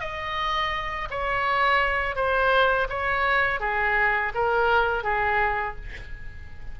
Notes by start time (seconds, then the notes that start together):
0.00 D#5
1.10 C#5
2.16 C5
2.89 C#5
3.60 G#4
4.35 A#4
5.03 G#4